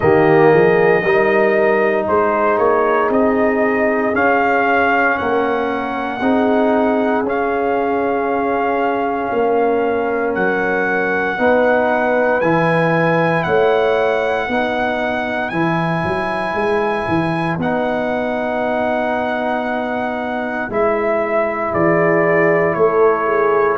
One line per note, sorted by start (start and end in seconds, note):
0.00 0.53 D#3
0.00 1.01 A#3
0.00 0.51 G4
0.00 2.06 D#5
0.51 1.03 F3
0.51 1.03 G#4
1.03 2.07 G3
1.03 4.13 D#4
1.03 2.06 A#4
2.07 2.58 G#3
2.07 5.18 G#4
2.07 2.58 C5
2.58 3.09 A#3
2.58 3.09 C#5
3.09 4.13 C4
3.09 4.15 D#5
4.13 6.20 C#4
4.13 5.17 C#4
4.13 5.17 F5
5.17 6.20 A#3
5.17 6.22 A#4
5.17 7.24 F#5
6.20 7.22 C4
6.20 7.25 D#4
6.20 9.32 G#4
7.22 9.29 C#4
7.22 11.37 C#4
7.22 10.34 F5
9.32 10.36 A#3
9.32 11.37 A#4
10.34 11.38 F#3
10.34 12.40 F#5
11.37 12.42 B3
11.37 12.41 D#4
11.37 13.44 B4
12.40 13.45 E3
12.40 14.50 E4
12.40 13.43 G#5
13.43 14.48 A3
13.43 14.46 C#5
13.43 15.49 F#5
14.46 15.51 B3
14.46 15.52 D#4
14.46 21.70 B4
15.49 16.03 E3
15.49 17.59 E4
15.49 17.56 G#5
16.03 16.54 F#3
16.54 17.05 G#3
17.08 17.57 E3
17.57 20.68 B3
17.57 20.69 D#4
17.57 20.71 F#5
20.69 21.72 G#3
20.69 23.78 E4
20.69 21.73 E5
21.71 22.75 E3
21.71 22.75 G#4
21.71 22.74 D5
22.74 23.78 A3
22.74 23.26 A4
22.74 23.77 C#5
23.26 23.77 G#4